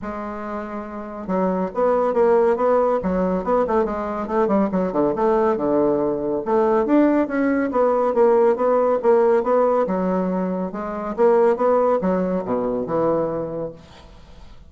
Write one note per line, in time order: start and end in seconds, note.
0.02 1.27 G#3
1.27 1.69 F#3
1.74 2.13 B3
2.13 2.56 A#3
2.56 2.99 B3
3.02 3.44 F#3
3.44 3.65 B3
3.67 3.84 A3
3.84 4.27 G#3
4.27 4.47 A3
4.47 4.69 G3
4.71 4.92 F#3
4.92 5.14 D3
5.15 5.56 A3
5.56 6.42 D3
6.45 6.85 A3
6.85 7.27 D4
7.27 7.70 C#4
7.71 8.14 B3
8.14 8.56 A#3
8.56 8.98 B3
9.02 9.43 A#3
9.43 9.86 B3
9.86 10.72 F#3
10.72 11.15 G#3
11.16 11.56 A#3
11.56 11.99 B3
12.01 12.44 F#3
12.45 12.86 B2
12.86 13.72 E3